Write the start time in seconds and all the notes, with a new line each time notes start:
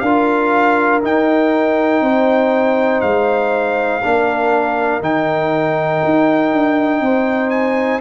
0.00 D4 F4 A#4 F5
1.02 D#4 G5
2.02 C4 C5
3.01 G#3 F5
4.03 A#3 D4 A#4
5.01 D#3 D#4 G5
6.05 D#4
6.53 D4
7.01 C4 C5
7.50 G#5